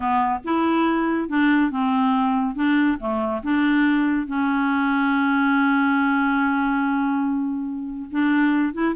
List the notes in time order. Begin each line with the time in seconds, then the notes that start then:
0.00 B3
0.44 E4
1.28 D4
1.70 C4
2.55 D4
2.99 A3
3.43 D4
4.26 C#4
8.10 D4
8.73 E4